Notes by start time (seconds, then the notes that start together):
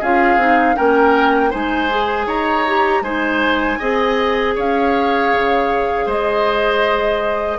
0.00 C#4 F4 G#4 F5
0.37 C4 D#4
0.75 A#3 C#4 A#4 G5
1.50 G#3 D#4 C5 G#5
1.90 G#4
2.26 D#4 C#5 A#5
2.67 G4
3.02 G#3 D#4 C5 G#5
3.79 C4 G#4 D#5
4.55 C#4 C#5 F5
5.34 C#3
6.06 G#3 C5 D#5